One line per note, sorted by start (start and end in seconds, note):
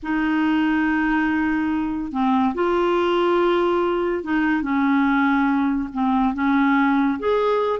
0.02 2.11 D#4
2.11 2.54 C4
2.54 4.23 F4
4.23 4.62 D#4
4.62 5.88 C#4
5.93 6.34 C4
6.34 7.18 C#4
7.19 7.79 G#4